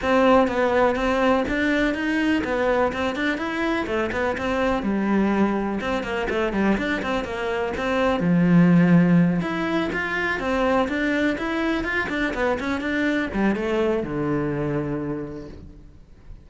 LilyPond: \new Staff \with { instrumentName = "cello" } { \time 4/4 \tempo 4 = 124 c'4 b4 c'4 d'4 | dis'4 b4 c'8 d'8 e'4 | a8 b8 c'4 g2 | c'8 ais8 a8 g8 d'8 c'8 ais4 |
c'4 f2~ f8 e'8~ | e'8 f'4 c'4 d'4 e'8~ | e'8 f'8 d'8 b8 cis'8 d'4 g8 | a4 d2. | }